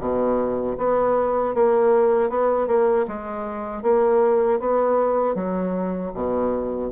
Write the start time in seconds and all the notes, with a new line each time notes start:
0.00 B2
0.78 B3
1.55 A#3
2.30 B3
2.67 A#3
3.08 G#3
3.83 A#3
4.60 B3
5.35 F#3
6.14 B2